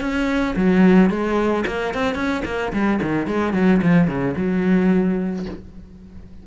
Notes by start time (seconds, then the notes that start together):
0.00 C#4
0.56 F#3
1.09 G#3
1.67 A#3
1.94 C4
2.14 C#4
2.45 A#3
2.72 G3
3.02 D#3
3.27 G#3
3.53 F#3
3.82 F3
4.07 C#3
4.36 F#3